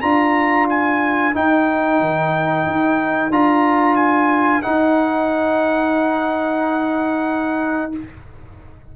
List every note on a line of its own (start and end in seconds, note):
0.00 1.34 D4
0.00 1.34 F4
0.00 7.91 A#4
0.00 0.67 A#5
0.70 1.36 G#5
1.34 3.32 D#4
1.34 2.00 D#4
1.34 3.32 G5
2.00 2.66 D#3
2.67 3.30 D#4
3.30 4.62 D4
3.30 4.63 F4
3.30 3.96 A#5
3.96 4.62 G#5
4.62 7.93 D#4
4.62 7.96 D#4
4.62 7.92 F#5